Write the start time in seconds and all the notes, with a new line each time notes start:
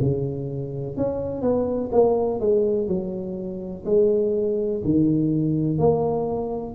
0.00 C#3
0.97 C#4
1.42 B3
1.92 A#3
2.40 G#3
2.88 F#3
3.85 G#3
4.84 D#3
5.78 A#3